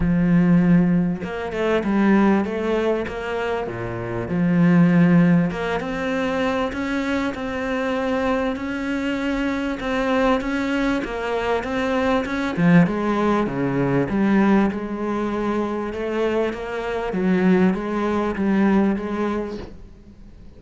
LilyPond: \new Staff \with { instrumentName = "cello" } { \time 4/4 \tempo 4 = 98 f2 ais8 a8 g4 | a4 ais4 ais,4 f4~ | f4 ais8 c'4. cis'4 | c'2 cis'2 |
c'4 cis'4 ais4 c'4 | cis'8 f8 gis4 cis4 g4 | gis2 a4 ais4 | fis4 gis4 g4 gis4 | }